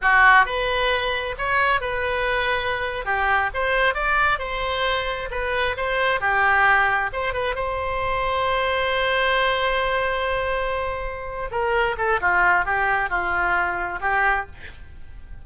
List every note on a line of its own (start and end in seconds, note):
0.01 0.45 F#4
0.45 1.35 B4
1.37 1.80 C#5
1.80 3.05 B4
3.05 3.50 G4
3.54 3.94 C5
3.94 4.39 D5
4.39 5.29 C5
5.30 5.75 B4
5.76 6.20 C5
6.20 7.10 G4
7.12 7.33 C5
7.33 7.55 B4
7.55 11.50 C5
11.51 11.96 A#4
11.97 12.20 A4
12.20 12.65 F4
12.65 13.09 G4
13.09 13.99 F4
14.01 14.46 G4